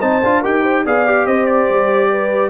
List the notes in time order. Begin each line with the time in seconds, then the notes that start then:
0.00 C4 D#4 C5 A5
0.23 D4 F4
0.41 D#4 G4 A#4 G5
0.62 C5
0.85 B3 G#4 D5 F5
1.06 G4
1.26 C4 C5 D#5
1.46 D5
1.70 G3
2.11 B4